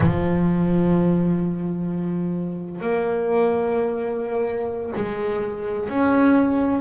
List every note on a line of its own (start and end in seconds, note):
0.00 2.81 F3
2.81 4.92 A#3
4.95 5.89 G#3
5.89 6.81 C#4